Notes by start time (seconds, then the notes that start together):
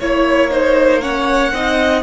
0.00 A#3 E4 C#5
0.51 D#4 C5
1.01 C#4 C#5 F#5
1.53 C4 D#4 D#5